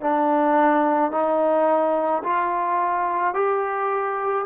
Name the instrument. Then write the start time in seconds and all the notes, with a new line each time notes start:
trombone
0.00 D4
1.11 D#4
2.23 F4
3.34 G4